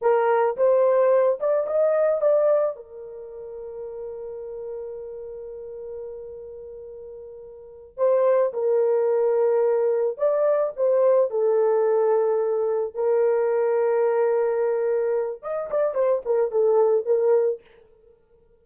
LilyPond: \new Staff \with { instrumentName = "horn" } { \time 4/4 \tempo 4 = 109 ais'4 c''4. d''8 dis''4 | d''4 ais'2.~ | ais'1~ | ais'2~ ais'8 c''4 ais'8~ |
ais'2~ ais'8 d''4 c''8~ | c''8 a'2. ais'8~ | ais'1 | dis''8 d''8 c''8 ais'8 a'4 ais'4 | }